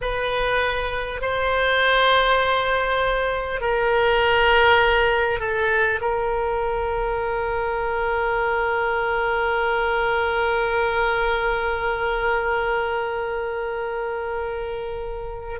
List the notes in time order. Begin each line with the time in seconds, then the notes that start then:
0.01 B4
1.21 C5
3.60 A#4
5.39 A4
6.01 A#4